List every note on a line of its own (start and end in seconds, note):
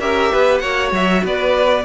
0.00 0.31 C#4
0.00 0.61 G4
0.00 0.32 A#4
0.00 0.58 E5
0.32 0.62 B3
0.32 0.61 B4
0.58 0.91 A#3
0.58 1.84 F#4
0.58 1.22 C#5
0.58 0.89 F#5
0.91 1.22 F#3
0.91 1.25 E5
1.23 1.85 B3
1.23 1.84 B4
1.23 1.85 D5